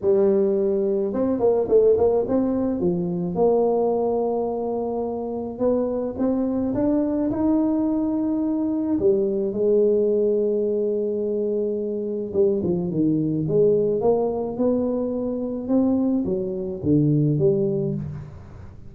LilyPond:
\new Staff \with { instrumentName = "tuba" } { \time 4/4 \tempo 4 = 107 g2 c'8 ais8 a8 ais8 | c'4 f4 ais2~ | ais2 b4 c'4 | d'4 dis'2. |
g4 gis2.~ | gis2 g8 f8 dis4 | gis4 ais4 b2 | c'4 fis4 d4 g4 | }